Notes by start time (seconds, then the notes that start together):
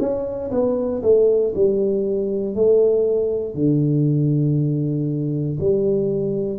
0.00 C#4
0.51 B3
1.03 A3
1.55 G3
2.56 A3
3.55 D3
5.60 G3